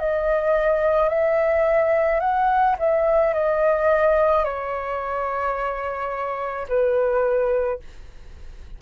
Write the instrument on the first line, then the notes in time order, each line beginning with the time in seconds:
flute
0.00 D#5
1.09 E5
2.20 F#5
2.79 E5
3.34 D#5
4.45 C#5
6.69 B4